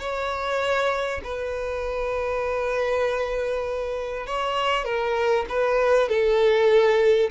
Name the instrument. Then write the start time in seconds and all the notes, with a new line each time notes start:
violin
0.00 C#5
1.24 B4
4.27 C#5
4.85 A#4
5.49 B4
6.09 A4